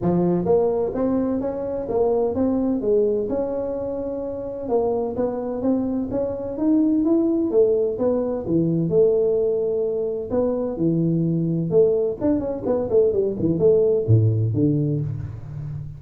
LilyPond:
\new Staff \with { instrumentName = "tuba" } { \time 4/4 \tempo 4 = 128 f4 ais4 c'4 cis'4 | ais4 c'4 gis4 cis'4~ | cis'2 ais4 b4 | c'4 cis'4 dis'4 e'4 |
a4 b4 e4 a4~ | a2 b4 e4~ | e4 a4 d'8 cis'8 b8 a8 | g8 e8 a4 a,4 d4 | }